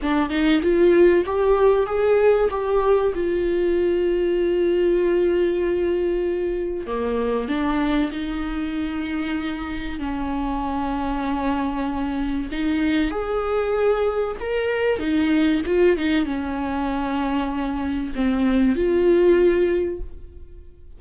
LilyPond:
\new Staff \with { instrumentName = "viola" } { \time 4/4 \tempo 4 = 96 d'8 dis'8 f'4 g'4 gis'4 | g'4 f'2.~ | f'2. ais4 | d'4 dis'2. |
cis'1 | dis'4 gis'2 ais'4 | dis'4 f'8 dis'8 cis'2~ | cis'4 c'4 f'2 | }